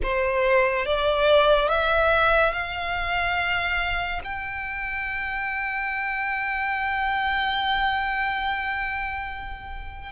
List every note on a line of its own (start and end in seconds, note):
0.02 0.85 C5
0.85 1.69 D5
1.69 2.52 E5
2.52 4.21 F5
4.24 10.12 G5